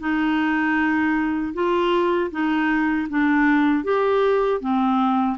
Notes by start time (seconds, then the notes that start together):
0.00 D#4
1.54 F4
2.31 D#4
3.10 D4
3.84 G4
4.61 C4